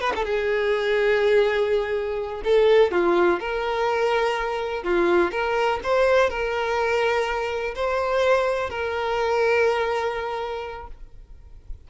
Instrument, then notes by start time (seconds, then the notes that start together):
violin
0.00 B4
0.15 A4
0.24 G#4
2.44 A4
2.91 F4
3.39 A#4
4.83 F4
5.31 A#4
5.83 C5
6.29 A#4
7.75 C5
8.69 A#4